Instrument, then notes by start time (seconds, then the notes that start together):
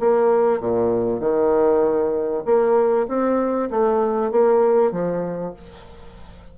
bassoon
0.00 A#3
0.60 A#2
1.20 D#3
2.45 A#3
3.08 C4
3.71 A3
4.32 A#3
4.92 F3